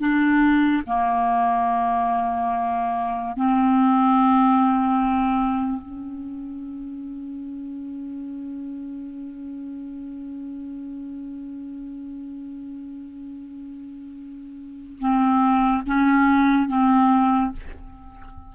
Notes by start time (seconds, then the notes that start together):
0.00 D4
0.87 A#3
3.36 C4
5.83 C#4
15.00 C4
15.86 C#4
16.69 C4